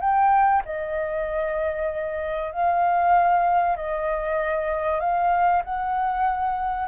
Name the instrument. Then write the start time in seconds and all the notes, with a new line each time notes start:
flute
0.00 G5
0.65 D#5
2.51 F5
3.76 D#5
5.00 F5
5.64 F#5